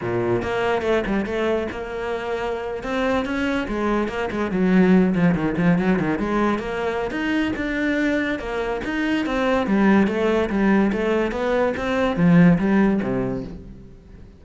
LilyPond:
\new Staff \with { instrumentName = "cello" } { \time 4/4 \tempo 4 = 143 ais,4 ais4 a8 g8 a4 | ais2~ ais8. c'4 cis'16~ | cis'8. gis4 ais8 gis8 fis4~ fis16~ | fis16 f8 dis8 f8 fis8 dis8 gis4 ais16~ |
ais4 dis'4 d'2 | ais4 dis'4 c'4 g4 | a4 g4 a4 b4 | c'4 f4 g4 c4 | }